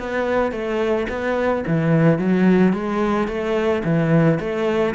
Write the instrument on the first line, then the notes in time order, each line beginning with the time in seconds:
cello
0.00 B3
0.52 A3
1.10 B3
1.67 E3
2.19 F#3
2.73 G#3
3.28 A3
3.85 E3
4.40 A3